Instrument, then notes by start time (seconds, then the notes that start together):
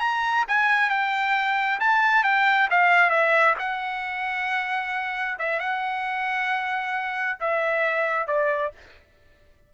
trumpet
0.00 A#5
0.48 G#5
0.90 G5
1.80 A5
2.23 G5
2.70 F5
3.10 E5
3.59 F#5
5.39 E5
5.59 F#5
7.40 E5
8.27 D5